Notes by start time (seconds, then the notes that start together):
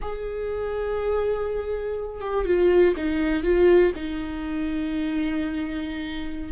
0.01 G#4
2.20 G4
2.45 F4
2.96 D#4
3.43 F4
3.95 D#4